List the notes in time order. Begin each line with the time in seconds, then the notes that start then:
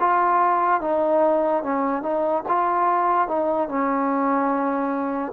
0.00 F4
0.81 D#4
1.63 C#4
2.02 D#4
2.48 F4
3.28 D#4
3.68 C#4